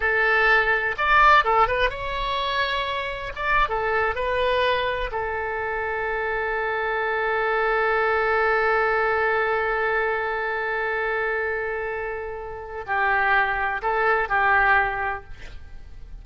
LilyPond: \new Staff \with { instrumentName = "oboe" } { \time 4/4 \tempo 4 = 126 a'2 d''4 a'8 b'8 | cis''2. d''8. a'16~ | a'8. b'2 a'4~ a'16~ | a'1~ |
a'1~ | a'1~ | a'2. g'4~ | g'4 a'4 g'2 | }